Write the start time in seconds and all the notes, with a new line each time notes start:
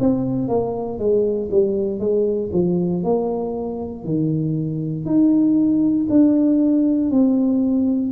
0.00 C4
0.48 A#3
0.98 G#3
1.51 G3
2.00 G#3
2.53 F3
3.04 A#3
4.04 D#3
5.05 D#4
6.09 D4
7.10 C4